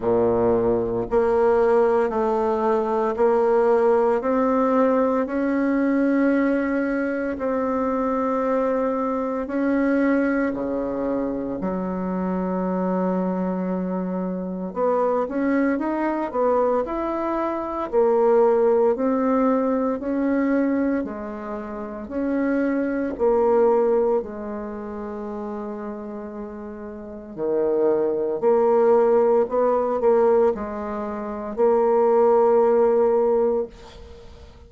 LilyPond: \new Staff \with { instrumentName = "bassoon" } { \time 4/4 \tempo 4 = 57 ais,4 ais4 a4 ais4 | c'4 cis'2 c'4~ | c'4 cis'4 cis4 fis4~ | fis2 b8 cis'8 dis'8 b8 |
e'4 ais4 c'4 cis'4 | gis4 cis'4 ais4 gis4~ | gis2 dis4 ais4 | b8 ais8 gis4 ais2 | }